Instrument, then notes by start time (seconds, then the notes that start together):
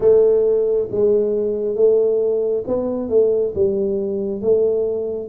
tuba
0.00 A3
0.91 G#3
1.75 A3
2.67 B3
3.09 A3
3.54 G3
4.41 A3